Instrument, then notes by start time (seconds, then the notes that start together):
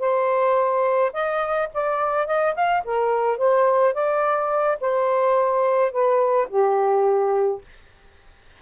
saxophone
0.00 C5
1.13 D#5
1.74 D5
2.27 D#5
2.56 F5
2.85 A#4
3.38 C5
3.94 D5
4.81 C5
5.92 B4
6.50 G4